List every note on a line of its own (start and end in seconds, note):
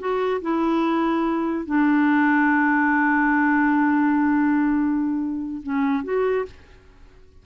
0.00 0.42 F#4
0.42 1.66 E4
1.66 5.62 D4
5.64 6.05 C#4
6.05 6.46 F#4